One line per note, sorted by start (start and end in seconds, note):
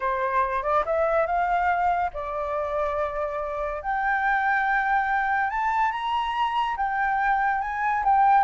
0.00 0.62 C5
0.62 0.84 D5
0.85 1.26 E5
1.26 2.10 F5
2.13 3.82 D5
3.82 5.49 G5
5.49 5.91 A5
5.91 6.76 A#5
6.76 7.61 G5
7.61 8.03 G#5
8.04 8.44 G5